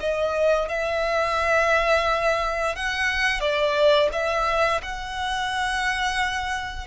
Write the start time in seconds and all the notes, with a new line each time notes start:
0.00 D#5
0.69 E5
2.76 F#5
3.40 D5
4.12 E5
4.82 F#5